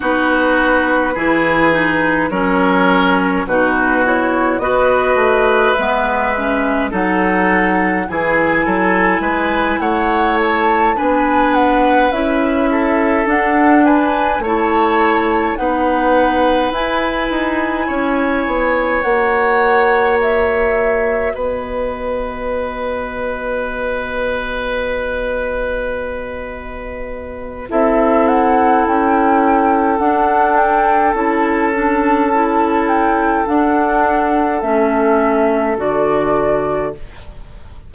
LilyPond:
<<
  \new Staff \with { instrumentName = "flute" } { \time 4/4 \tempo 4 = 52 b'2 cis''4 b'8 cis''8 | dis''4 e''4 fis''4 gis''4~ | gis''8 fis''8 a''8 gis''8 fis''8 e''4 fis''8 | gis''8 a''4 fis''4 gis''4.~ |
gis''8 fis''4 e''4 dis''4.~ | dis''1 | e''8 fis''8 g''4 fis''8 g''8 a''4~ | a''8 g''8 fis''4 e''4 d''4 | }
  \new Staff \with { instrumentName = "oboe" } { \time 4/4 fis'4 gis'4 ais'4 fis'4 | b'2 a'4 gis'8 a'8 | b'8 cis''4 b'4. a'4 | b'8 cis''4 b'2 cis''8~ |
cis''2~ cis''8 b'4.~ | b'1 | a'1~ | a'1 | }
  \new Staff \with { instrumentName = "clarinet" } { \time 4/4 dis'4 e'8 dis'8 cis'4 dis'8 e'8 | fis'4 b8 cis'8 dis'4 e'4~ | e'4. d'4 e'4 d'8~ | d'8 e'4 dis'4 e'4.~ |
e'8 fis'2.~ fis'8~ | fis'1 | e'2 d'4 e'8 d'8 | e'4 d'4 cis'4 fis'4 | }
  \new Staff \with { instrumentName = "bassoon" } { \time 4/4 b4 e4 fis4 b,4 | b8 a8 gis4 fis4 e8 fis8 | gis8 a4 b4 cis'4 d'8~ | d'8 a4 b4 e'8 dis'8 cis'8 |
b8 ais2 b4.~ | b1 | c'4 cis'4 d'4 cis'4~ | cis'4 d'4 a4 d4 | }
>>